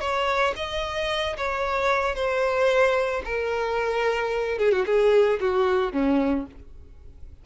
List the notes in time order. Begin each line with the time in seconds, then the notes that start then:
0.00 C#5
0.56 D#5
1.37 C#5
2.15 C5
3.25 A#4
4.58 G#4
4.71 F#4
4.86 G#4
5.40 F#4
5.92 C#4